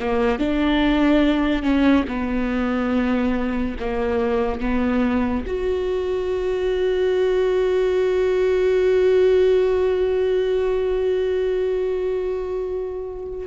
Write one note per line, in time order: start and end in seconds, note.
0.00 0.39 A#3
0.39 1.63 D4
1.63 2.05 C#4
2.08 3.77 B3
3.80 4.61 A#3
4.61 5.45 B3
5.47 13.48 F#4